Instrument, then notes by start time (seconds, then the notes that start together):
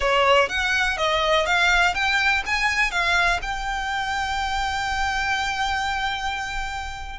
violin
0.00 C#5
0.49 F#5
0.97 D#5
1.45 F5
1.94 G5
2.46 G#5
2.91 F5
3.42 G5